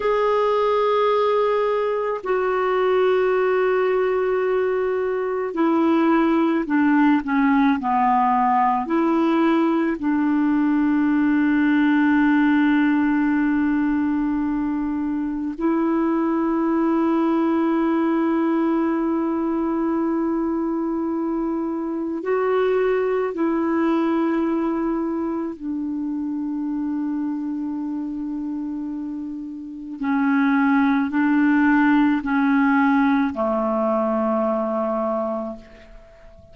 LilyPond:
\new Staff \with { instrumentName = "clarinet" } { \time 4/4 \tempo 4 = 54 gis'2 fis'2~ | fis'4 e'4 d'8 cis'8 b4 | e'4 d'2.~ | d'2 e'2~ |
e'1 | fis'4 e'2 d'4~ | d'2. cis'4 | d'4 cis'4 a2 | }